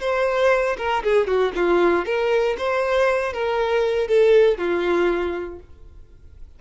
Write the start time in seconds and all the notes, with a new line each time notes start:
0.00 C5
0.77 A#4
1.03 G#4
1.27 F#4
1.55 F4
2.05 A#4
2.57 C5
3.33 A#4
4.07 A4
4.57 F4